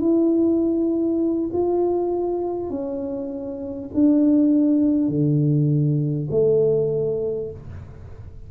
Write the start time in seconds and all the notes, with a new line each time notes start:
0.00 E4
1.53 F4
2.70 C#4
3.94 D4
5.08 D3
6.31 A3